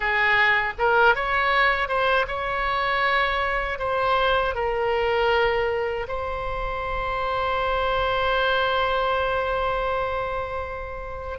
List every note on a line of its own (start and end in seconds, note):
0.00 0.73 G#4
0.78 1.15 A#4
1.15 1.88 C#5
1.88 2.26 C5
2.27 3.78 C#5
3.78 4.54 C5
4.55 6.07 A#4
6.08 11.38 C5